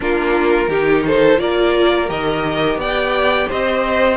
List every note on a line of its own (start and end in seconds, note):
0.00 0.68 A#3
0.00 0.66 D4
0.00 0.69 F4
0.00 1.05 A#4
0.68 1.37 D#3
0.68 1.37 D#4
0.68 1.04 G4
1.06 1.40 A4
1.06 1.39 C5
1.37 2.09 A#3
1.37 2.06 F4
1.37 2.80 A#4
1.37 2.09 D5
2.06 2.76 D#3
2.06 4.16 G4
2.06 2.79 D#5
2.76 3.46 B3
2.76 3.48 D5
2.76 3.49 G5
3.48 4.17 C4
3.48 4.17 C5
3.48 4.17 D#5